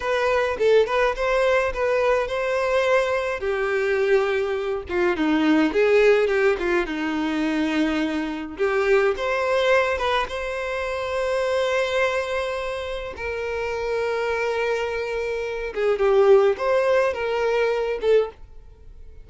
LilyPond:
\new Staff \with { instrumentName = "violin" } { \time 4/4 \tempo 4 = 105 b'4 a'8 b'8 c''4 b'4 | c''2 g'2~ | g'8 f'8 dis'4 gis'4 g'8 f'8 | dis'2. g'4 |
c''4. b'8 c''2~ | c''2. ais'4~ | ais'2.~ ais'8 gis'8 | g'4 c''4 ais'4. a'8 | }